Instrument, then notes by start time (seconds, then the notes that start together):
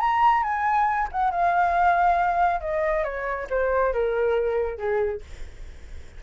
flute
0.00 A#5
0.43 G#5
1.12 F#5
1.31 F5
2.61 D#5
3.04 C#5
3.50 C5
3.93 A#4
4.78 G#4